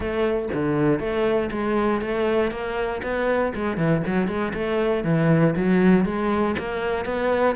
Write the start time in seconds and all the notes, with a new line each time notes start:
0.00 A3
0.53 D3
0.99 A3
1.51 G#3
2.01 A3
2.51 A#3
3.03 B3
3.55 G#3
3.77 E3
4.06 F#3
4.27 G#3
4.53 A3
5.04 E3
5.55 F#3
6.05 G#3
6.58 A#3
7.05 B3